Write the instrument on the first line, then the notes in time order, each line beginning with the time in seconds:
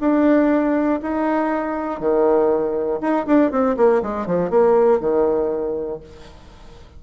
bassoon
0.00 D4
1.02 D#4
2.00 D#3
3.01 D#4
3.26 D4
3.51 C4
3.77 A#3
4.02 G#3
4.26 F3
4.50 A#3
5.00 D#3